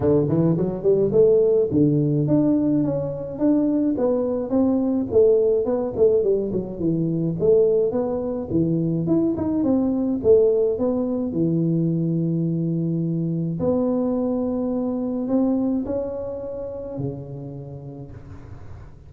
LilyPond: \new Staff \with { instrumentName = "tuba" } { \time 4/4 \tempo 4 = 106 d8 e8 fis8 g8 a4 d4 | d'4 cis'4 d'4 b4 | c'4 a4 b8 a8 g8 fis8 | e4 a4 b4 e4 |
e'8 dis'8 c'4 a4 b4 | e1 | b2. c'4 | cis'2 cis2 | }